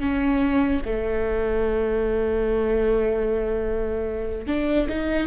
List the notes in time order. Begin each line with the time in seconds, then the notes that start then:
0.00 C#4
0.86 A3
4.47 D4
4.89 D#4